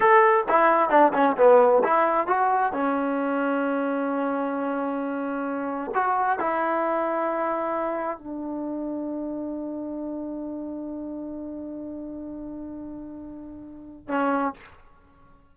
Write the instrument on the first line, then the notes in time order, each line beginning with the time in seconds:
trombone
0.00 A4
0.48 E4
0.89 D4
1.13 C#4
1.37 B3
1.84 E4
2.27 F#4
2.73 C#4
5.94 F#4
6.39 E4
8.18 D4
14.08 C#4